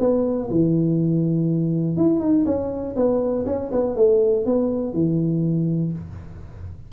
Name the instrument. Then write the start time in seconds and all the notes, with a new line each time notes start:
tuba
0.00 B3
0.50 E3
1.97 E4
2.20 D#4
2.46 C#4
2.96 B3
3.46 C#4
3.72 B3
3.96 A3
4.46 B3
4.94 E3